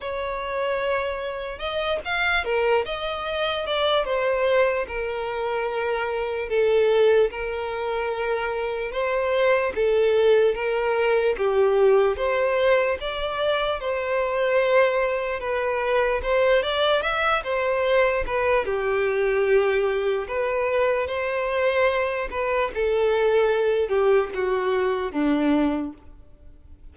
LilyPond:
\new Staff \with { instrumentName = "violin" } { \time 4/4 \tempo 4 = 74 cis''2 dis''8 f''8 ais'8 dis''8~ | dis''8 d''8 c''4 ais'2 | a'4 ais'2 c''4 | a'4 ais'4 g'4 c''4 |
d''4 c''2 b'4 | c''8 d''8 e''8 c''4 b'8 g'4~ | g'4 b'4 c''4. b'8 | a'4. g'8 fis'4 d'4 | }